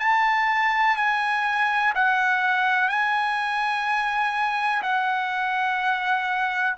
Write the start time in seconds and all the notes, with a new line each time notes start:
0.00 A5
0.97 G#5
1.95 F#5
2.89 G#5
4.83 F#5